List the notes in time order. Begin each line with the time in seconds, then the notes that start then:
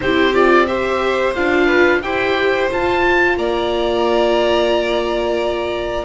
0.00 C4 E4 G4 C5
0.34 F4 D5
0.67 G4 C5 E5
1.34 D4 F4 F5
1.65 B4
2.01 E4 G4 C5 G5
2.70 F4 A5
3.37 A#3 D5 A#5